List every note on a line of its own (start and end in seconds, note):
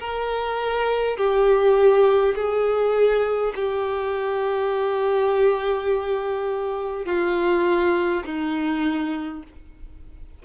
0.00 1.17 A#4
1.17 2.35 G4
2.35 3.53 G#4
3.56 7.05 G4
7.05 8.23 F4
8.26 9.43 D#4